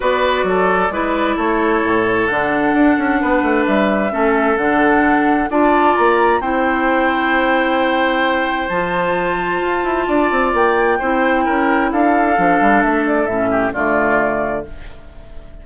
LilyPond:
<<
  \new Staff \with { instrumentName = "flute" } { \time 4/4 \tempo 4 = 131 d''2. cis''4~ | cis''4 fis''2. | e''2 fis''2 | a''4 ais''4 g''2~ |
g''2. a''4~ | a''2. g''4~ | g''2 f''2 | e''8 d''8 e''4 d''2 | }
  \new Staff \with { instrumentName = "oboe" } { \time 4/4 b'4 a'4 b'4 a'4~ | a'2. b'4~ | b'4 a'2. | d''2 c''2~ |
c''1~ | c''2 d''2 | c''4 ais'4 a'2~ | a'4. g'8 f'2 | }
  \new Staff \with { instrumentName = "clarinet" } { \time 4/4 fis'2 e'2~ | e'4 d'2.~ | d'4 cis'4 d'2 | f'2 e'2~ |
e'2. f'4~ | f'1 | e'2. d'4~ | d'4 cis'4 a2 | }
  \new Staff \with { instrumentName = "bassoon" } { \time 4/4 b4 fis4 gis4 a4 | a,4 d4 d'8 cis'8 b8 a8 | g4 a4 d2 | d'4 ais4 c'2~ |
c'2. f4~ | f4 f'8 e'8 d'8 c'8 ais4 | c'4 cis'4 d'4 f8 g8 | a4 a,4 d2 | }
>>